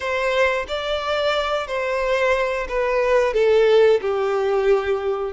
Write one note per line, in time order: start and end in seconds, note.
0.00 0.65 C5
0.68 1.67 D5
1.67 2.67 C5
2.68 3.33 B4
3.33 4.00 A4
4.01 5.32 G4